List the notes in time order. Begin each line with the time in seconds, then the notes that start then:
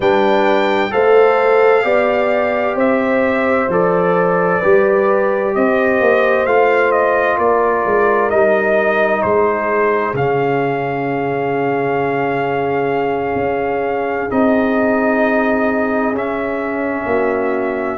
0.00 G3 D4 B4 G5
0.90 A3 A4 C5 F5
1.83 B3 G4 D5
2.75 C4 C5 E5
3.68 F3 A4 D5
4.59 G3 G4 B4
5.54 C4 C5 D#5
6.00 A#3
6.46 A3 F4 F5
6.91 D#5
7.38 A#3 A#4 D5
7.85 G#3
8.30 G3 D#4 D#5
9.22 G#3 G#4 C5
10.13 C#3 C#4 F5
13.35 C#4
14.29 C4 D#4 D#5
16.12 C#4 E5
17.05 A#3 F#4